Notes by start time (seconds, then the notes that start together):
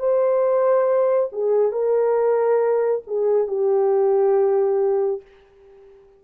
0.00 C5
1.33 G#4
1.72 A#4
3.08 G#4
3.48 G4